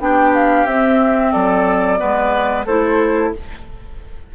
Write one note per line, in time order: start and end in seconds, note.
0.00 0.65 B3
0.00 0.67 D4
0.00 1.32 G4
0.00 0.34 G5
0.34 0.67 F5
0.65 1.32 C4
0.65 1.98 C4
0.65 1.32 E5
1.32 2.01 F#3
1.32 1.99 A4
1.32 2.65 D5
1.98 2.66 G#3
1.98 2.65 B3
1.98 2.66 B4
2.66 3.33 A3
2.66 3.35 E4
2.66 3.33 A4
2.66 3.32 C5